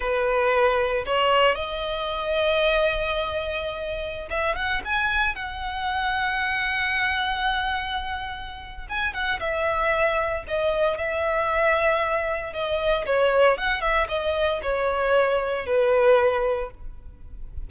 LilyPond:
\new Staff \with { instrumentName = "violin" } { \time 4/4 \tempo 4 = 115 b'2 cis''4 dis''4~ | dis''1~ | dis''16 e''8 fis''8 gis''4 fis''4.~ fis''16~ | fis''1~ |
fis''4 gis''8 fis''8 e''2 | dis''4 e''2. | dis''4 cis''4 fis''8 e''8 dis''4 | cis''2 b'2 | }